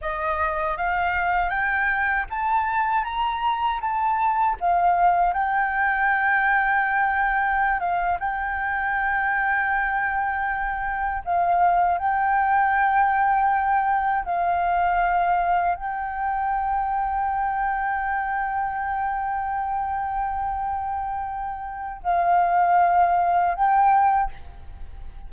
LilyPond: \new Staff \with { instrumentName = "flute" } { \time 4/4 \tempo 4 = 79 dis''4 f''4 g''4 a''4 | ais''4 a''4 f''4 g''4~ | g''2~ g''16 f''8 g''4~ g''16~ | g''2~ g''8. f''4 g''16~ |
g''2~ g''8. f''4~ f''16~ | f''8. g''2.~ g''16~ | g''1~ | g''4 f''2 g''4 | }